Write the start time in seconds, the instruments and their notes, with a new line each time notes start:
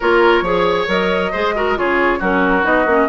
0.00 bassoon A#3, clarinet F4, oboe A#4, flute C#5
0.41 bassoon F3, clarinet G#4, oboe C#5
0.87 bassoon F#3, clarinet A#4, flute D#5
1.32 bassoon G#3, clarinet G#4, oboe C5
1.55 clarinet F#4, oboe A#4
1.76 bassoon C#3, clarinet F4, oboe G#4, flute C#5
2.19 bassoon F#3, clarinet C#4, oboe F#4, flute A#4
2.62 bassoon B3, clarinet D#4, flute D#5
2.85 bassoon A#3, clarinet C#4